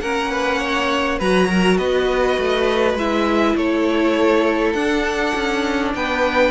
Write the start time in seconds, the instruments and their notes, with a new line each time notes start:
0.00 cello A#3, viola C#4, violin A#4 F#5
0.31 violin B4
0.59 violin C#5
1.18 cello F#3, viola F#4, violin B4 A#5
1.49 violin A#4
1.77 cello B3, violin B4 D#5
2.38 cello A3
2.94 cello G#3, viola E4, violin E5
3.55 cello A3, violin A4 C#5
4.72 cello D4, viola D4, violin F#5
5.35 cello C#4
5.95 cello B3, violin B4 G5